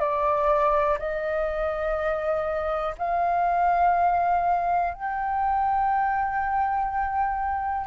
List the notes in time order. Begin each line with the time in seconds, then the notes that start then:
0.00 D5
0.99 D#5
2.99 F5
4.94 G5